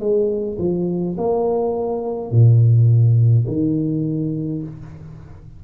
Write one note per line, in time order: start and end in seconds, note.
0.00 0.58 G#3
0.59 1.16 F3
1.17 2.31 A#3
2.31 3.47 A#2
3.48 4.63 D#3